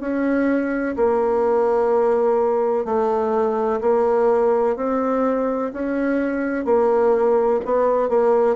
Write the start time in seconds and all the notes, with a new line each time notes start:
0.00 C#4
0.96 A#3
2.85 A3
3.81 A#3
4.76 C4
5.73 C#4
6.65 A#3
7.65 B3
8.09 A#3